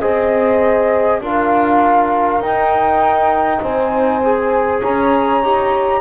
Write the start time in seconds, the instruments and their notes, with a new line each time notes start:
0.00 double bass C4, trombone G#4, horn C5, flute D#5
1.21 double bass D4, trombone F4, horn A#4, flute F5
2.40 double bass D#4, trombone D#4, flute G5
3.62 double bass C4, horn C5, flute G#5
4.23 trombone G#4
4.82 double bass C#4, horn C#5, flute A#5
5.43 double bass D#4, trombone G4